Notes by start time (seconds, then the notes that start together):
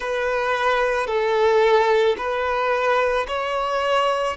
0.00 B4
1.06 A4
2.17 B4
3.27 C#5